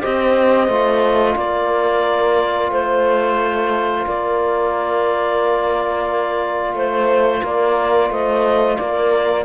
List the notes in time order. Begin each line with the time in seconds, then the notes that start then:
0.00 C4 G4 C5 D#5
0.68 A3 F4
1.36 A#3 A#4 D5
2.69 A3 C5
4.06 A#3 A#4 D5
6.73 A3 C5
7.42 A#3 A#4 D5
8.10 A3 C5 D#5
8.77 A#3 A#4 D5